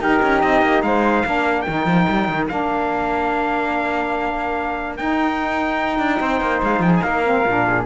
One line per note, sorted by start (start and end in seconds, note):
0.00 0.21 D#4
0.00 1.25 D#4
0.00 0.84 G4
0.00 0.41 A#4
0.22 0.43 C#4
0.41 0.62 C4
0.41 0.82 D#5
0.62 0.82 A#3
0.82 1.24 G#3
0.82 1.26 C5
0.82 1.62 F5
1.25 1.67 A#3
1.25 1.67 D4
1.25 6.21 A#4
1.62 2.49 D#4
1.62 2.44 G5
1.68 1.85 D#3
1.85 2.06 F3
2.09 2.29 G3
2.29 2.49 D#3
2.48 4.99 A#3
2.48 4.97 D4
2.48 4.96 F5
4.97 7.25 D#4
4.97 5.99 D#4
4.97 6.62 G5
5.99 6.19 D4
6.20 6.41 C4
6.20 6.83 C5
6.41 6.61 A#3
6.63 6.80 G#3
6.63 6.82 F5
6.80 7.00 F3
6.80 7.04 G#4
6.80 6.92 G5
6.96 7.02 G#5
7.02 7.45 A#3
7.02 7.66 A#4
7.02 7.85 F5
7.25 7.45 C4
7.46 7.85 A#2
7.46 7.85 D4
7.67 7.85 G#4